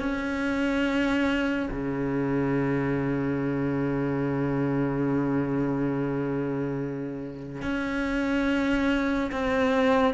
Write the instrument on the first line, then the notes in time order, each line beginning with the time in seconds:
cello
0.00 C#4
1.72 C#3
7.62 C#4
9.32 C4